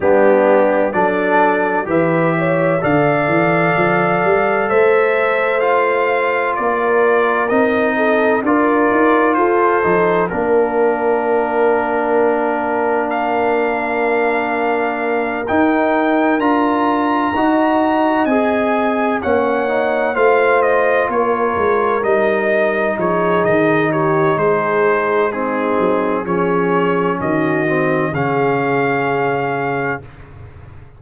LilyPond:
<<
  \new Staff \with { instrumentName = "trumpet" } { \time 4/4 \tempo 4 = 64 g'4 d''4 e''4 f''4~ | f''4 e''4 f''4 d''4 | dis''4 d''4 c''4 ais'4~ | ais'2 f''2~ |
f''8 g''4 ais''2 gis''8~ | gis''8 fis''4 f''8 dis''8 cis''4 dis''8~ | dis''8 cis''8 dis''8 cis''8 c''4 gis'4 | cis''4 dis''4 f''2 | }
  \new Staff \with { instrumentName = "horn" } { \time 4/4 d'4 a'4 b'8 cis''8 d''4~ | d''4 c''2 ais'4~ | ais'8 a'8 ais'4 a'4 ais'4~ | ais'1~ |
ais'2~ ais'8 dis''4.~ | dis''8 cis''4 c''4 ais'4.~ | ais'8 gis'4 g'8 gis'4 dis'4 | gis'4 fis'4 gis'2 | }
  \new Staff \with { instrumentName = "trombone" } { \time 4/4 b4 d'4 g'4 a'4~ | a'2 f'2 | dis'4 f'4. dis'8 d'4~ | d'1~ |
d'8 dis'4 f'4 fis'4 gis'8~ | gis'8 cis'8 dis'8 f'2 dis'8~ | dis'2. c'4 | cis'4. c'8 cis'2 | }
  \new Staff \with { instrumentName = "tuba" } { \time 4/4 g4 fis4 e4 d8 e8 | f8 g8 a2 ais4 | c'4 d'8 dis'8 f'8 f8 ais4~ | ais1~ |
ais8 dis'4 d'4 dis'4 c'8~ | c'8 ais4 a4 ais8 gis8 g8~ | g8 f8 dis4 gis4. fis8 | f4 dis4 cis2 | }
>>